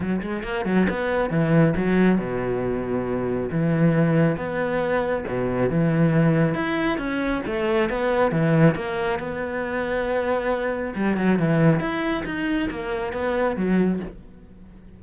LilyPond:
\new Staff \with { instrumentName = "cello" } { \time 4/4 \tempo 4 = 137 fis8 gis8 ais8 fis8 b4 e4 | fis4 b,2. | e2 b2 | b,4 e2 e'4 |
cis'4 a4 b4 e4 | ais4 b2.~ | b4 g8 fis8 e4 e'4 | dis'4 ais4 b4 fis4 | }